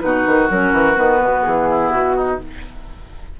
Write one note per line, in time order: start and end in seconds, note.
0.00 0.26 B2
0.00 0.49 D#4
0.00 1.69 F#4
0.00 0.48 B4
0.26 0.50 D#3
0.49 0.72 F#3
0.49 0.95 C#4
0.49 0.97 A#4
0.72 0.95 E3
0.95 1.22 D#3
0.95 2.38 B3
0.95 1.43 B4
1.23 1.46 B2
1.43 1.91 E3
1.43 1.90 G#4
1.69 2.16 E4
1.90 2.39 B2
1.90 2.38 F#4
2.16 2.39 D#4